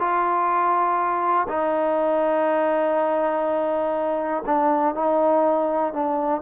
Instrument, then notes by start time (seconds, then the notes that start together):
trombone
0.00 F4
1.49 D#4
4.46 D4
4.95 D#4
5.94 D4